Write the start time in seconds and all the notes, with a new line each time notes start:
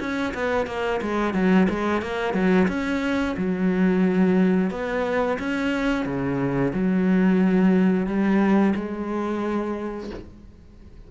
0.00 C#4
0.35 B3
0.67 A#3
1.02 G#3
1.34 F#3
1.70 G#3
2.02 A#3
2.34 F#3
2.68 C#4
3.38 F#3
4.71 B3
5.40 C#4
6.06 C#3
6.74 F#3
8.07 G3
8.76 G#3